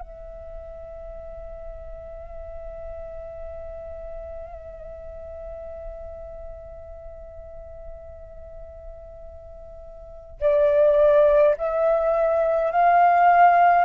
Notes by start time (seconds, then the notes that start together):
0.00 E5
10.40 D5
11.58 E5
12.71 F5